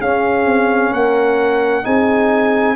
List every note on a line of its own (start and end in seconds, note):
0.00 0.46 C#4
0.00 1.83 C#4
0.00 0.92 G#4
0.00 0.94 F5
0.46 0.92 C4
0.92 1.85 A#3
0.92 1.84 A#4
0.92 1.86 F#5
1.83 2.76 C4
1.83 2.76 D#4
1.83 2.76 G#4
1.83 2.76 G#5